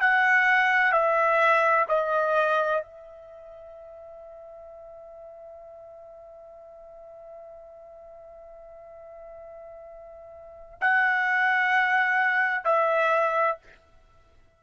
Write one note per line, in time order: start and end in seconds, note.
0.00 0.92 F#5
0.92 1.85 E5
1.88 2.82 D#5
2.82 10.79 E5
10.81 12.64 F#5
12.64 13.58 E5